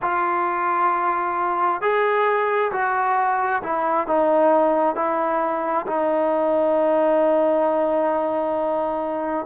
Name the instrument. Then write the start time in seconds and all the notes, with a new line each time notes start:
trombone
0.02 F4
1.81 G#4
2.72 F#4
3.63 E4
4.07 D#4
4.95 E4
5.86 D#4